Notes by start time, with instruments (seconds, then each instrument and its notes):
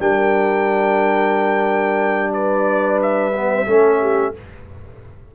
0.00 tuba G3, trombone D4, horn A#4, trumpet G5
2.33 horn B4, trumpet D5
3.02 trumpet E5
3.34 trombone B3
3.67 tuba A3, trombone C#4, horn A4
4.01 horn G4